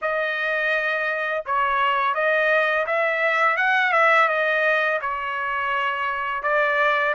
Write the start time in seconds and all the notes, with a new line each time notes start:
0.01 D#5
1.45 C#5
2.14 D#5
2.86 E5
3.56 F#5
3.92 E5
4.28 D#5
5.01 C#5
6.43 D5